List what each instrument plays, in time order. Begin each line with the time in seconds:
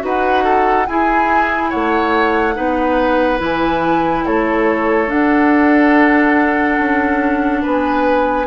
0.00 bassoon D#4, clarinet F#4, oboe B4, flute F#5
0.44 oboe A4
0.87 bassoon E4, clarinet E4, oboe G#4, flute G#5
1.70 bassoon A3, oboe C#5, flute F#5
2.55 bassoon B3, clarinet D#4, oboe B4
3.38 bassoon E3, clarinet E4, flute G#5
4.26 bassoon A3, oboe A4, flute C#5
5.07 clarinet D4, bassoon D4, flute F#5
6.79 bassoon C#4
7.62 bassoon B3, oboe B4, flute G#5